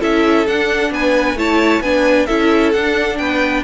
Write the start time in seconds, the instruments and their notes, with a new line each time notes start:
0.00 cello C#4, viola E4, violin A4 E5
0.47 cello D4, viola D4, violin F#5
0.91 cello B3, violin B4 G#5
1.34 cello A3, viola E4, violin C#5 A5
1.80 cello B3, viola D4, violin B4 G#5
2.26 cello C#4, viola E4, violin A4 E5
2.72 cello D4, viola D4, violin F#5
3.17 cello B3, violin B4 G5